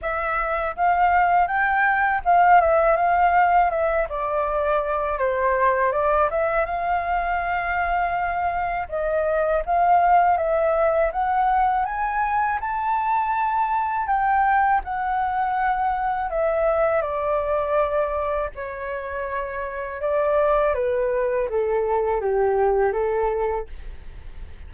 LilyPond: \new Staff \with { instrumentName = "flute" } { \time 4/4 \tempo 4 = 81 e''4 f''4 g''4 f''8 e''8 | f''4 e''8 d''4. c''4 | d''8 e''8 f''2. | dis''4 f''4 e''4 fis''4 |
gis''4 a''2 g''4 | fis''2 e''4 d''4~ | d''4 cis''2 d''4 | b'4 a'4 g'4 a'4 | }